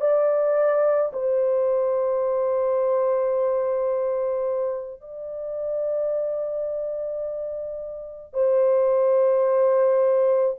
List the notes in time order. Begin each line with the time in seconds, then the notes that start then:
0.00 D5
1.13 C5
5.01 D5
8.33 C5